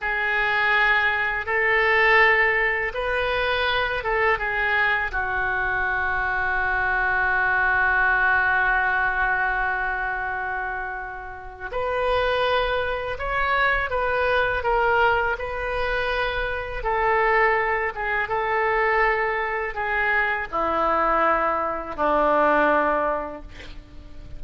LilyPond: \new Staff \with { instrumentName = "oboe" } { \time 4/4 \tempo 4 = 82 gis'2 a'2 | b'4. a'8 gis'4 fis'4~ | fis'1~ | fis'1 |
b'2 cis''4 b'4 | ais'4 b'2 a'4~ | a'8 gis'8 a'2 gis'4 | e'2 d'2 | }